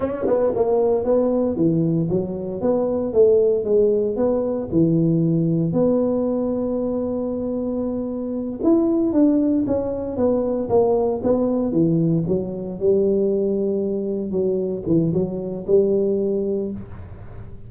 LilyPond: \new Staff \with { instrumentName = "tuba" } { \time 4/4 \tempo 4 = 115 cis'8 b8 ais4 b4 e4 | fis4 b4 a4 gis4 | b4 e2 b4~ | b1~ |
b8 e'4 d'4 cis'4 b8~ | b8 ais4 b4 e4 fis8~ | fis8 g2. fis8~ | fis8 e8 fis4 g2 | }